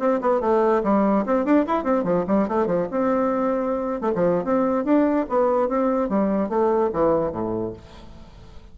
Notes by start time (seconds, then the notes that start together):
0.00 C4
0.21 B3
0.41 A3
0.84 G3
1.26 C4
1.45 D4
1.67 E4
1.84 C4
2.04 F3
2.28 G3
2.49 A3
2.67 F3
2.92 C4
4.02 A3
4.16 F3
4.45 C4
4.85 D4
5.30 B3
5.69 C4
6.09 G3
6.49 A3
6.93 E3
7.32 A2